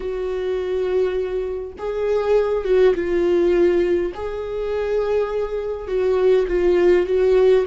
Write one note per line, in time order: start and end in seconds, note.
0.00 1.72 F#4
1.78 2.64 G#4
2.64 2.94 F#4
2.94 4.12 F4
4.14 5.87 G#4
5.87 6.46 F#4
6.47 7.06 F4
7.06 7.65 F#4